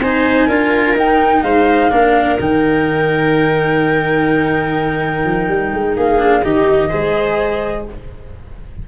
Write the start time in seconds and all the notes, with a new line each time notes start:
0.00 C4 D#4 C5 G#5
0.47 D4 F4 A#4
0.95 D#4 G5
1.43 G#3 C5 F5
1.91 A#3 D4 A#4
2.40 D#3 D#4 G5
5.25 F3
5.49 G3
5.74 G#3
5.97 A#3 G#4 F5
6.19 D4
6.44 D#3 D#4 G4 D#5
6.90 G#3 G#4 C5